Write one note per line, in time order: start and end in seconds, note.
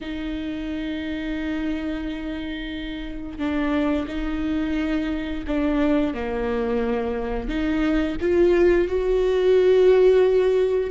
0.00 3.38 D#4
3.38 4.06 D4
4.07 5.44 D#4
5.47 6.14 D4
6.14 7.48 A#3
7.48 8.16 D#4
8.21 8.88 F4
8.88 10.90 F#4